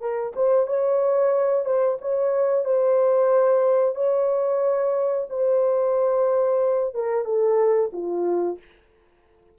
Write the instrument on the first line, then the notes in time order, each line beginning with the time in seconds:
horn
0.00 A#4
0.35 C5
0.67 C#5
1.65 C5
2.01 C#5
2.64 C5
3.95 C#5
5.29 C5
6.94 A#4
7.24 A4
7.92 F4